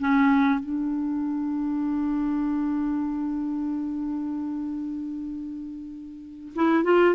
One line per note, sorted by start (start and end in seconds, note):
0.00 0.60 C#4
0.60 6.54 D4
6.56 6.84 E4
6.84 7.15 F4